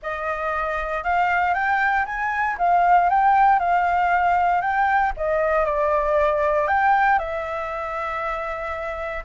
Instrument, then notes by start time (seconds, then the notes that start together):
flute
0.02 D#5
1.03 F5
1.54 G5
2.05 G#5
2.58 F5
3.09 G5
3.59 F5
4.61 G5
5.17 D#5
5.65 D5
6.67 G5
7.18 E5